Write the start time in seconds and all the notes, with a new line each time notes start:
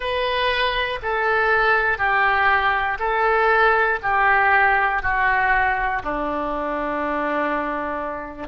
0.00 B4
1.02 A4
1.98 G4
2.99 A4
4.02 G4
5.02 F#4
6.03 D4